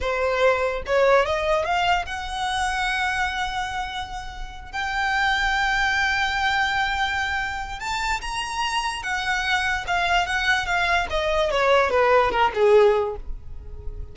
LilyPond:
\new Staff \with { instrumentName = "violin" } { \time 4/4 \tempo 4 = 146 c''2 cis''4 dis''4 | f''4 fis''2.~ | fis''2.~ fis''8 g''8~ | g''1~ |
g''2. a''4 | ais''2 fis''2 | f''4 fis''4 f''4 dis''4 | cis''4 b'4 ais'8 gis'4. | }